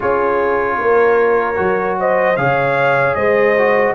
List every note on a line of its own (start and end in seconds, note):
0.00 0.78 C#4
0.00 1.55 F4
0.00 0.76 G#4
0.00 1.98 C#5
0.78 1.57 A#3
0.78 1.99 A#4
1.55 2.37 F#3
1.55 2.34 F#4
1.99 2.39 C5
1.99 2.36 D#5
2.36 3.16 C#3
2.36 3.56 G#4
2.36 3.16 C#5
2.36 3.14 F5
3.14 3.95 G#3
3.14 3.95 C5
3.14 3.93 D#5
3.58 3.95 F#4